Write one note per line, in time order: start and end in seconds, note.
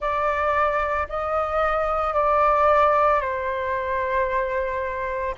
0.00 1.07 D5
1.08 2.13 D#5
2.13 3.20 D5
3.20 5.35 C5